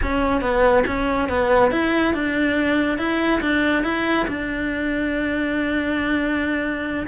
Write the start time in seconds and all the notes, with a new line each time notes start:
0.02 C#4
0.41 B3
0.86 C#4
1.29 B3
1.71 E4
2.14 D4
2.98 E4
3.41 D4
3.83 E4
4.27 D4